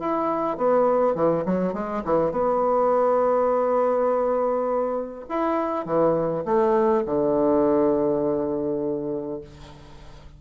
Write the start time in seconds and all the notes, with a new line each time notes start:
0.00 E4
0.58 B3
1.15 E3
1.46 F#3
1.74 G#3
2.05 E3
2.32 B3
5.29 E4
5.86 E3
6.45 A3
7.06 D3